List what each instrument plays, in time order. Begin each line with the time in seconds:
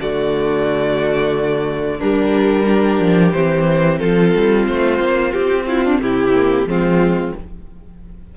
0.00 cello D3, viola A3, violin F#4 D5
1.98 viola G3, cello G3, violin D4 A#4
2.66 viola D4, violin G4
2.99 cello F3
3.32 cello E3, viola C4, violin C5
3.98 cello F3, violin F4 A4
4.35 cello G3
4.67 cello A3, violin C5
4.99 cello A#3
5.32 cello C4, violin G4
5.66 violin E4 F4
5.84 violin D4
5.99 cello C3, violin E4 G4
6.34 viola A#3
6.65 cello F3, viola G#3, violin C4 F4